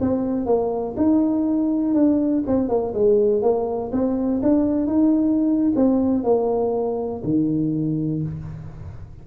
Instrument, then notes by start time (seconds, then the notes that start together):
tuba
0.00 C4
0.46 A#3
0.96 D#4
1.94 D4
2.46 C4
2.68 A#3
2.94 G#3
3.42 A#3
3.92 C4
4.42 D4
4.86 D#4
5.75 C4
6.23 A#3
7.23 D#3